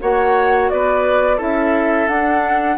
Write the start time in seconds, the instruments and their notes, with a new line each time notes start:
0.00 bassoon A#3, clarinet F#4, oboe C#5, flute F#5
0.70 bassoon B3, oboe B4, flute D5
1.37 bassoon C#4, clarinet E4, oboe A4, flute E5
2.08 bassoon D4, clarinet D4, flute F#5